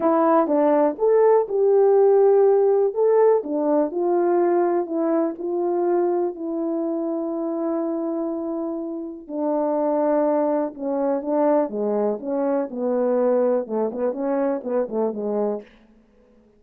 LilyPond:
\new Staff \with { instrumentName = "horn" } { \time 4/4 \tempo 4 = 123 e'4 d'4 a'4 g'4~ | g'2 a'4 d'4 | f'2 e'4 f'4~ | f'4 e'2.~ |
e'2. d'4~ | d'2 cis'4 d'4 | gis4 cis'4 b2 | a8 b8 cis'4 b8 a8 gis4 | }